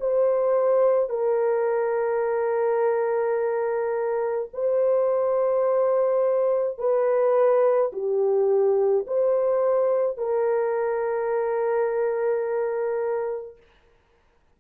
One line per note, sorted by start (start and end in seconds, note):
0.00 1.10 C5
1.10 4.49 A#4
4.53 6.78 C5
6.78 7.91 B4
7.92 9.06 G4
9.07 10.17 C5
10.17 13.57 A#4